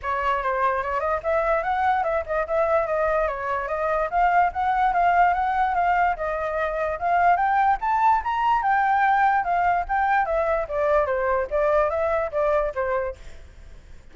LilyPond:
\new Staff \with { instrumentName = "flute" } { \time 4/4 \tempo 4 = 146 cis''4 c''4 cis''8 dis''8 e''4 | fis''4 e''8 dis''8 e''4 dis''4 | cis''4 dis''4 f''4 fis''4 | f''4 fis''4 f''4 dis''4~ |
dis''4 f''4 g''4 a''4 | ais''4 g''2 f''4 | g''4 e''4 d''4 c''4 | d''4 e''4 d''4 c''4 | }